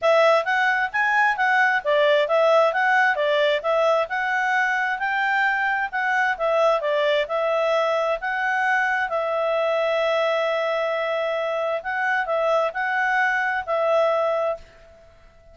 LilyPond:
\new Staff \with { instrumentName = "clarinet" } { \time 4/4 \tempo 4 = 132 e''4 fis''4 gis''4 fis''4 | d''4 e''4 fis''4 d''4 | e''4 fis''2 g''4~ | g''4 fis''4 e''4 d''4 |
e''2 fis''2 | e''1~ | e''2 fis''4 e''4 | fis''2 e''2 | }